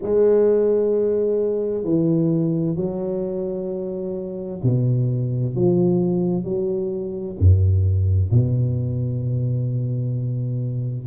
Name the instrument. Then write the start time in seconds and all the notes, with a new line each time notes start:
tuba
0.02 G#3
1.83 E3
2.76 F#3
4.62 B2
5.55 F3
6.44 F#3
7.39 F#2
8.31 B2